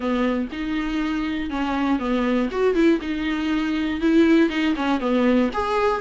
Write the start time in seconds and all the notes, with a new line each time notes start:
0.00 B3
0.51 D#4
1.50 C#4
1.99 B3
2.51 F#4
2.74 E4
3.01 D#4
4.00 E4
4.49 D#4
4.76 C#4
5.00 B3
5.53 G#4